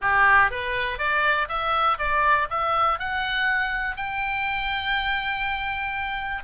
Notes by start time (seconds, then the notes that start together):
0.01 G4
0.50 B4
0.98 D5
1.48 E5
1.98 D5
2.50 E5
2.99 F#5
3.96 G5